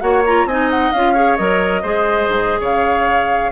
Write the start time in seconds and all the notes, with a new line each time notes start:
0.00 A#3 F#4 C#5 F#5
0.26 F4 A#5
0.45 C4 D#4 D#5 G#5
0.70 F#5
0.92 C#4 F4 F5
1.13 G#4 C#5
1.36 F#3 A#4 D#5
1.82 G#3 G#4 C5
2.28 G#2
2.60 C#3 C#5 F5